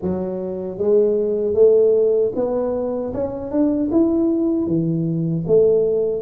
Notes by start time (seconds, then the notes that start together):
0.02 F#3
0.78 G#3
1.54 A3
2.35 B3
3.13 C#4
3.51 D4
3.91 E4
4.66 E3
5.46 A3